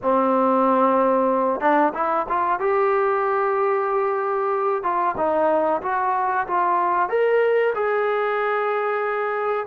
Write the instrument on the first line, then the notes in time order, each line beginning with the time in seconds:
trombone
0.02 C4
1.60 D4
1.94 E4
2.28 F4
2.59 G4
4.83 F4
5.17 D#4
5.82 F#4
6.47 F4
7.09 A#4
7.74 G#4